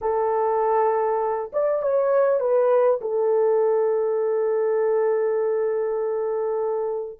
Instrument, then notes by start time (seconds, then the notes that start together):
horn
0.01 A4
1.52 D5
1.82 C#5
2.40 B4
3.01 A4